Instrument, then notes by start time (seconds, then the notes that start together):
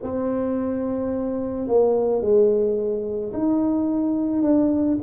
tuba
0.02 C4
1.67 A#3
2.21 G#3
3.33 D#4
4.42 D4